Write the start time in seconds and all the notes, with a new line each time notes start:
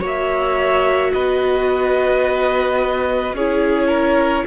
0.00 A#3 F#4 C#5
0.06 E5
1.13 B3 B4 D#5
3.33 C#4 G#4 C#5
3.39 E4
3.87 A#4